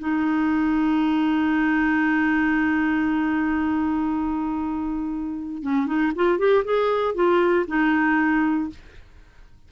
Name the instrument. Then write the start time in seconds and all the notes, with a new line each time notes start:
clarinet
0.00 D#4
5.63 C#4
5.87 D#4
6.16 F4
6.39 G4
6.65 G#4
7.15 F4
7.68 D#4